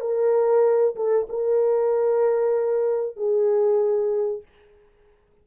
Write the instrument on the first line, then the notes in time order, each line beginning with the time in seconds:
horn
0.00 A#4
0.95 A4
1.29 A#4
3.16 G#4